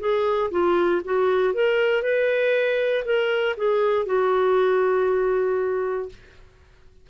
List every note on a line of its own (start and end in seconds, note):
0.00 0.51 G#4
0.51 1.02 F4
1.04 1.54 F#4
1.54 2.02 A#4
2.02 3.04 B4
3.05 3.56 A#4
3.57 4.06 G#4
4.06 6.09 F#4